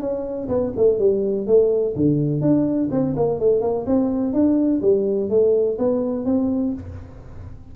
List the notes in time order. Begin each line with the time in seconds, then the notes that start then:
0.00 C#4
0.48 B3
0.76 A3
0.99 G3
1.47 A3
1.96 D3
2.41 D4
2.91 C4
3.16 A#3
3.39 A3
3.61 A#3
3.86 C4
4.33 D4
4.82 G3
5.30 A3
5.78 B3
6.25 C4